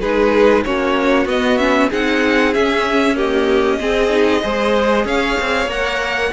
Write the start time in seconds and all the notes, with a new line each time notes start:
0.00 G#3 D#4 G#4 B4
0.64 A#3 C#4 F#4 C#5
1.25 B3 D#5
1.57 C#4 E5
1.89 C4 D#4 G#4 F#5
2.53 C#4 E5
3.15 A#3 G4 D#5
3.79 C4 G#4
4.09 D#4
4.42 G#3 G#4 C5
5.04 C#4 C#5 F5
5.40 C4
5.66 A#3 A#4 F#5